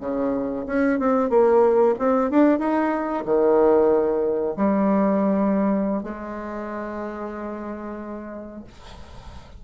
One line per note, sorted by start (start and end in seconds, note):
0.00 0.65 C#3
0.66 0.99 C#4
0.99 1.30 C4
1.30 1.95 A#3
1.99 2.30 C4
2.30 2.58 D4
2.58 3.24 D#4
3.25 4.56 D#3
4.56 6.03 G3
6.03 8.64 G#3